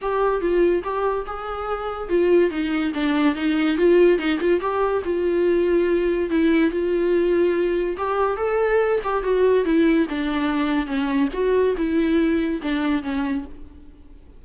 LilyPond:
\new Staff \with { instrumentName = "viola" } { \time 4/4 \tempo 4 = 143 g'4 f'4 g'4 gis'4~ | gis'4 f'4 dis'4 d'4 | dis'4 f'4 dis'8 f'8 g'4 | f'2. e'4 |
f'2. g'4 | a'4. g'8 fis'4 e'4 | d'2 cis'4 fis'4 | e'2 d'4 cis'4 | }